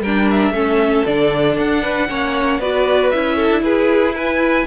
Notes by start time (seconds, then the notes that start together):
0.00 G3 D4 A#4 G5
0.30 E5
0.50 A3 C#4 A4
1.06 D3 D4 D5
1.57 D4 F#5
1.82 B4
2.08 A#3 C#4 C#5
2.59 B3 F#4 B4 D5
3.10 C#4 E4 E5
3.35 A4
3.50 D4
3.59 E4 G#4 B4
4.15 B4 G#5